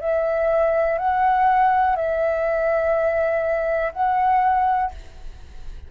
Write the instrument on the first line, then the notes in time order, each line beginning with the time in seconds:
flute
0.00 E5
0.98 F#5
1.96 E5
3.93 F#5